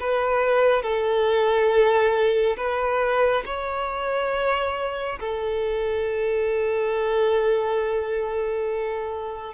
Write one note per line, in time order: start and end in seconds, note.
0.00 0.83 B4
0.83 2.57 A4
2.57 3.44 B4
3.45 5.19 C#5
5.19 9.54 A4